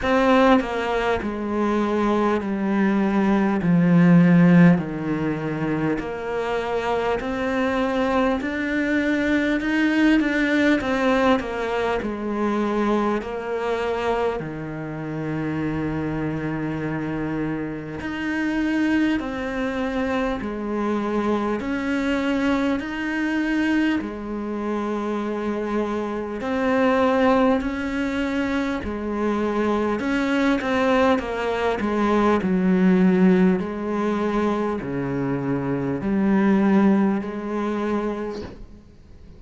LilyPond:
\new Staff \with { instrumentName = "cello" } { \time 4/4 \tempo 4 = 50 c'8 ais8 gis4 g4 f4 | dis4 ais4 c'4 d'4 | dis'8 d'8 c'8 ais8 gis4 ais4 | dis2. dis'4 |
c'4 gis4 cis'4 dis'4 | gis2 c'4 cis'4 | gis4 cis'8 c'8 ais8 gis8 fis4 | gis4 cis4 g4 gis4 | }